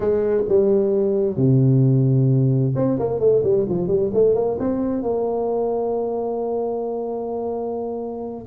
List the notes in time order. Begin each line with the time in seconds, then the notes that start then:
0.00 G#3
0.48 G3
1.36 C3
2.75 C4
2.99 A#3
3.19 A3
3.43 G3
3.68 F3
3.87 G3
4.13 A3
4.34 A#3
4.59 C4
5.02 A#3